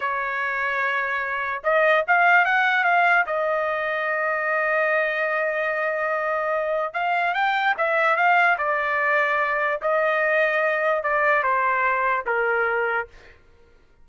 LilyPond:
\new Staff \with { instrumentName = "trumpet" } { \time 4/4 \tempo 4 = 147 cis''1 | dis''4 f''4 fis''4 f''4 | dis''1~ | dis''1~ |
dis''4 f''4 g''4 e''4 | f''4 d''2. | dis''2. d''4 | c''2 ais'2 | }